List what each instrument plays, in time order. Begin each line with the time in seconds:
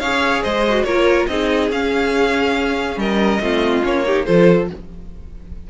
0.00 cello C#4, viola G#4, violin C#5 F5
0.43 cello G#3, violin C5 D#5
0.68 viola F#4
0.84 cello A#3, viola F4, violin A#4 C#5
1.27 cello C4, viola D#4, violin G#4 D#5
1.70 cello C#4, viola C#4, violin F5
2.96 cello G3, violin A#4 D#5
3.40 cello A3, viola C4, violin F4
3.83 cello A#3, viola C#4, violin C#5
4.06 viola D#4, violin G4
4.25 cello F3, viola F4, violin A4 C5